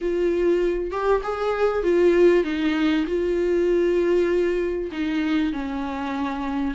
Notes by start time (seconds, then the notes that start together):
0.01 F4
0.91 G4
1.23 G#4
1.83 F4
2.44 D#4
3.06 F4
4.91 D#4
5.52 C#4